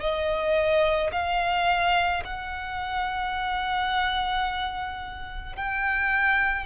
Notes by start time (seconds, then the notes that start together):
0.00 D#5
1.13 F5
2.25 F#5
5.57 G5